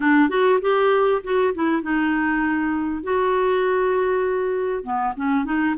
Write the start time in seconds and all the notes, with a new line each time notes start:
0.00 D4
0.29 F#4
0.61 G4
1.23 F#4
1.54 E4
1.82 D#4
3.03 F#4
4.83 B3
5.16 C#4
5.44 D#4